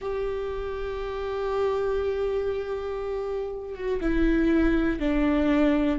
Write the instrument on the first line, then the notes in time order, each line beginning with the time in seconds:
viola
0.01 G4
3.75 F#4
4.00 E4
5.00 D4